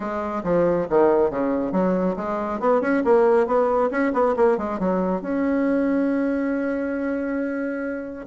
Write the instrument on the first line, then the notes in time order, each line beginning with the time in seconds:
bassoon
0.00 G#3
0.43 F3
0.89 D#3
1.30 C#3
1.72 F#3
2.16 G#3
2.60 B3
2.81 C#4
3.04 A#3
3.46 B3
3.90 C#4
4.13 B3
4.36 A#3
4.57 G#3
4.79 F#3
5.21 C#4